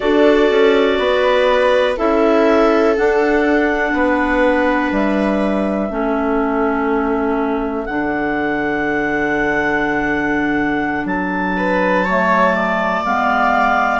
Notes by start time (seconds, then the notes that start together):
0.00 D4 F#4 A4 D5
0.50 C#4
0.98 B3 B4
1.97 C#4 E4 A4 E5
2.95 D4 F#5
3.93 B3 B4
4.91 G3 E5
5.89 A3 C#4 A4
7.85 D3 D4 F#5
11.04 F#3 A5
11.57 B4
12.05 A3 C#5
12.54 D5
13.04 G#3 B3 F5